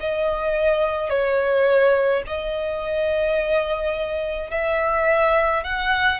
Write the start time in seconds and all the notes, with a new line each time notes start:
0.00 D#5
1.10 C#5
2.26 D#5
4.51 E5
5.64 F#5